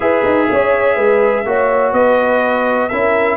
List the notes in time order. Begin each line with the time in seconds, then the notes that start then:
0.00 E4 G#4 B4 E5
0.24 D#4
0.51 C#4 C#5
0.95 G#3 B4
1.45 A#3 F#4 C#5
1.92 B3 B4 D#5
2.88 C#4 E4 A#4 E5